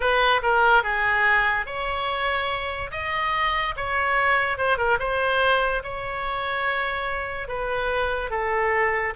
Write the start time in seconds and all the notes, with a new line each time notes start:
0.00 B4
0.42 A#4
0.83 G#4
1.66 C#5
2.91 D#5
3.76 C#5
4.57 C5
4.77 A#4
4.99 C5
5.83 C#5
7.48 B4
8.30 A4